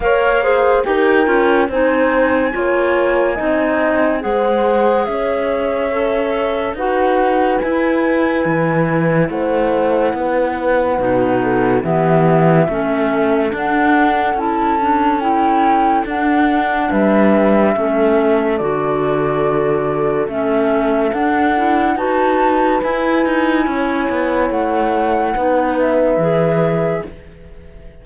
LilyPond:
<<
  \new Staff \with { instrumentName = "flute" } { \time 4/4 \tempo 4 = 71 f''4 g''4 gis''2~ | gis''4 fis''4 e''2 | fis''4 gis''2 fis''4~ | fis''2 e''2 |
fis''4 a''4 g''4 fis''4 | e''2 d''2 | e''4 fis''4 a''4 gis''4~ | gis''4 fis''4. e''4. | }
  \new Staff \with { instrumentName = "horn" } { \time 4/4 cis''8 c''8 ais'4 c''4 cis''4 | dis''4 c''4 cis''2 | b'2. c''4 | b'4. a'8 g'4 a'4~ |
a'1 | b'4 a'2.~ | a'2 b'2 | cis''2 b'2 | }
  \new Staff \with { instrumentName = "clarinet" } { \time 4/4 ais'8 gis'8 g'8 f'8 dis'4 f'4 | dis'4 gis'2 a'4 | fis'4 e'2.~ | e'4 dis'4 b4 cis'4 |
d'4 e'8 d'8 e'4 d'4~ | d'4 cis'4 fis'2 | cis'4 d'8 e'8 fis'4 e'4~ | e'2 dis'4 gis'4 | }
  \new Staff \with { instrumentName = "cello" } { \time 4/4 ais4 dis'8 cis'8 c'4 ais4 | c'4 gis4 cis'2 | dis'4 e'4 e4 a4 | b4 b,4 e4 a4 |
d'4 cis'2 d'4 | g4 a4 d2 | a4 d'4 dis'4 e'8 dis'8 | cis'8 b8 a4 b4 e4 | }
>>